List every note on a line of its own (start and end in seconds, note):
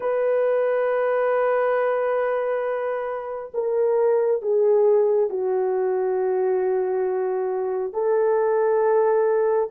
0.00 3.51 B4
3.53 4.42 A#4
4.42 5.29 G#4
5.29 7.93 F#4
7.93 9.69 A4